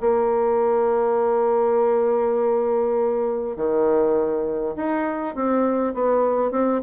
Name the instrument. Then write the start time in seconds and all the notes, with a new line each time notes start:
bassoon
0.00 A#3
3.56 D#3
4.76 D#4
5.35 C4
5.94 B3
6.51 C4